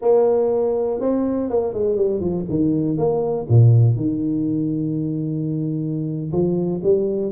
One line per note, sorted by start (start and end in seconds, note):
0.01 1.00 A#3
1.00 1.49 C4
1.49 1.73 A#3
1.73 1.96 G#3
1.96 2.20 G3
2.20 2.45 F3
2.49 2.97 D#3
2.97 3.47 A#3
3.48 3.96 A#2
3.96 6.31 D#3
6.31 6.81 F3
6.83 7.31 G3